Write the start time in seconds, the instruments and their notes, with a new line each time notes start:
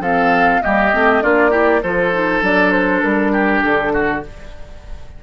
0.00 bassoon F3, clarinet C4, oboe A4, flute F5
0.61 bassoon G3, clarinet A#3, oboe G4, flute D#5
0.93 bassoon A3, clarinet C4
1.23 bassoon A#3, clarinet D4, oboe F4, flute D5
1.51 clarinet E4, oboe G4
1.83 bassoon F3, clarinet F4, oboe A4, flute C5
2.14 clarinet D#4
2.42 bassoon F#3, clarinet D4, flute D5
2.72 flute C5
3.02 bassoon G3, flute A#4
3.33 oboe G4
3.63 bassoon D3, flute A4
3.94 oboe F#4